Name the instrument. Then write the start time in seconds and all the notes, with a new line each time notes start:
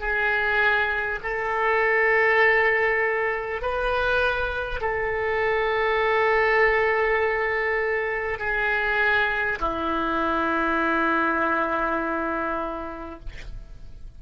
oboe
0.00 G#4
1.23 A4
3.62 B4
4.81 A4
8.39 G#4
9.59 E4